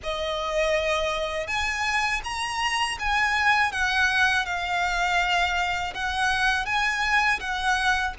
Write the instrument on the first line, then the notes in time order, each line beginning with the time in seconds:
violin
0.03 D#5
1.47 G#5
2.24 A#5
2.99 G#5
3.71 F#5
4.45 F5
5.94 F#5
6.65 G#5
7.39 F#5